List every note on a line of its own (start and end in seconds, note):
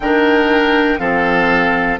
0.00 0.98 D#3
0.00 0.98 D4
0.00 0.99 A#4
0.00 0.99 G5
0.98 1.98 F3
0.98 1.98 C4
0.98 1.99 A4
0.98 1.99 F5